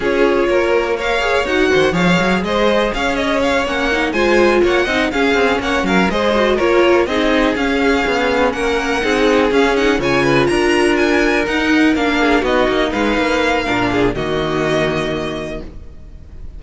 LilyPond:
<<
  \new Staff \with { instrumentName = "violin" } { \time 4/4 \tempo 4 = 123 cis''2 f''4 fis''4 | f''4 dis''4 f''8 dis''8 f''8 fis''8~ | fis''8 gis''4 fis''4 f''4 fis''8 | f''8 dis''4 cis''4 dis''4 f''8~ |
f''4. fis''2 f''8 | fis''8 gis''4 ais''4 gis''4 fis''8~ | fis''8 f''4 dis''4 f''4.~ | f''4 dis''2. | }
  \new Staff \with { instrumentName = "violin" } { \time 4/4 gis'4 ais'4 cis''4. c''8 | cis''4 c''4 cis''2~ | cis''8 c''4 cis''8 dis''8 gis'4 cis''8 | ais'8 c''4 ais'4 gis'4.~ |
gis'4. ais'4 gis'4.~ | gis'8 cis''8 b'8 ais'2~ ais'8~ | ais'4 gis'8 fis'4 b'4. | ais'8 gis'8 fis'2. | }
  \new Staff \with { instrumentName = "viola" } { \time 4/4 f'2 ais'8 gis'8 fis'4 | gis'2.~ gis'8 cis'8 | dis'8 f'4. dis'8 cis'4.~ | cis'8 gis'8 fis'8 f'4 dis'4 cis'8~ |
cis'2~ cis'8 dis'4 cis'8 | dis'8 f'2. dis'8~ | dis'8 d'4 dis'2~ dis'8 | d'4 ais2. | }
  \new Staff \with { instrumentName = "cello" } { \time 4/4 cis'4 ais2 dis'8 dis8 | f8 fis8 gis4 cis'4. ais8~ | ais8 gis4 ais8 c'8 cis'8 c'8 ais8 | fis8 gis4 ais4 c'4 cis'8~ |
cis'8 b4 ais4 c'4 cis'8~ | cis'8 cis4 d'2 dis'8~ | dis'8 ais4 b8 ais8 gis8 ais4 | ais,4 dis2. | }
>>